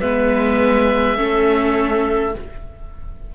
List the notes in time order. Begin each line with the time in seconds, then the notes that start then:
0.00 G#3 B3 B4 E5
1.17 A3 C#4 A4